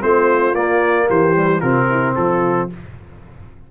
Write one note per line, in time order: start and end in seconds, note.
0.00 0.54 A3
0.00 0.54 C4
0.00 1.07 F4
0.00 0.55 C5
0.54 1.07 A#3
0.54 1.35 A#3
0.54 1.08 D5
1.07 1.62 E3
1.07 1.59 G4
1.07 1.60 C5
1.35 1.61 G3
1.59 2.16 C3
1.59 2.69 C4
1.59 1.86 F4
1.59 2.14 A#4
1.89 2.16 E4
2.15 2.70 F3
2.15 2.71 F4
2.15 2.69 A4